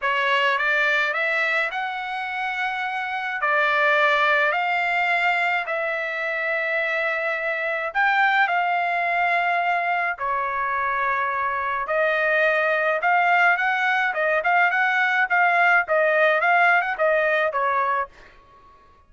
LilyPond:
\new Staff \with { instrumentName = "trumpet" } { \time 4/4 \tempo 4 = 106 cis''4 d''4 e''4 fis''4~ | fis''2 d''2 | f''2 e''2~ | e''2 g''4 f''4~ |
f''2 cis''2~ | cis''4 dis''2 f''4 | fis''4 dis''8 f''8 fis''4 f''4 | dis''4 f''8. fis''16 dis''4 cis''4 | }